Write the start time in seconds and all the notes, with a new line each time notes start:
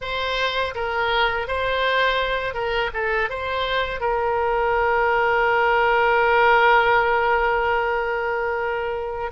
0.01 C5
0.74 A#4
1.47 C5
2.53 A#4
2.93 A4
3.29 C5
4.00 A#4